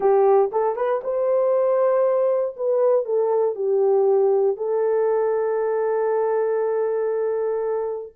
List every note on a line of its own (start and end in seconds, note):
0.00 0.50 G4
0.52 0.75 A4
0.75 1.01 B4
1.03 2.56 C5
2.56 3.05 B4
3.05 3.55 A4
3.55 4.56 G4
4.56 8.12 A4